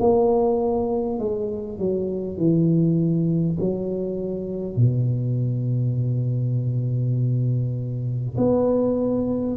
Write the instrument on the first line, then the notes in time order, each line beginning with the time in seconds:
tuba
0.00 A#3
1.19 G#3
1.78 F#3
2.37 E3
3.60 F#3
4.76 B2
8.37 B3